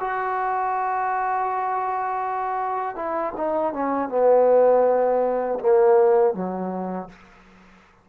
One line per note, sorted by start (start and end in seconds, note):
0.00 2.96 F#4
2.96 3.33 E4
3.37 3.73 D#4
3.73 4.09 C#4
4.09 5.59 B3
5.60 6.34 A#3
6.34 7.09 F#3